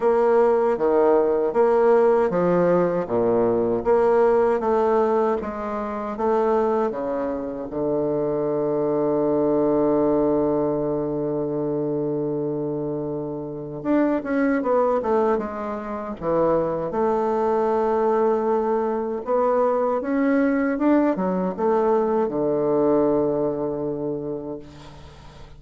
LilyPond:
\new Staff \with { instrumentName = "bassoon" } { \time 4/4 \tempo 4 = 78 ais4 dis4 ais4 f4 | ais,4 ais4 a4 gis4 | a4 cis4 d2~ | d1~ |
d2 d'8 cis'8 b8 a8 | gis4 e4 a2~ | a4 b4 cis'4 d'8 fis8 | a4 d2. | }